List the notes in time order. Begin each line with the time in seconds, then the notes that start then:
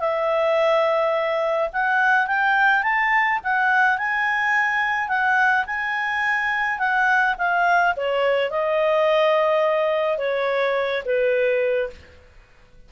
0.00 E5
1.73 F#5
2.27 G5
2.83 A5
3.44 F#5
3.99 G#5
5.09 F#5
5.67 G#5
6.79 F#5
7.38 F5
7.97 C#5
8.51 D#5
10.19 C#5
11.06 B4